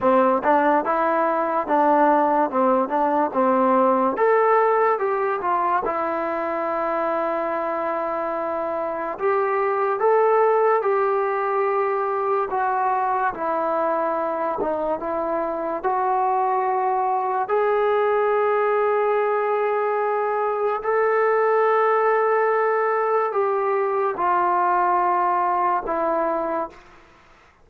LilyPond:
\new Staff \with { instrumentName = "trombone" } { \time 4/4 \tempo 4 = 72 c'8 d'8 e'4 d'4 c'8 d'8 | c'4 a'4 g'8 f'8 e'4~ | e'2. g'4 | a'4 g'2 fis'4 |
e'4. dis'8 e'4 fis'4~ | fis'4 gis'2.~ | gis'4 a'2. | g'4 f'2 e'4 | }